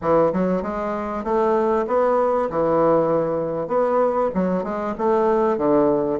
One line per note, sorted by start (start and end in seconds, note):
0.01 0.32 E3
0.32 0.62 F#3
0.62 1.23 G#3
1.23 1.85 A3
1.87 2.49 B3
2.50 3.67 E3
3.67 4.29 B3
4.34 4.63 F#3
4.63 4.94 G#3
4.98 5.57 A3
5.57 6.19 D3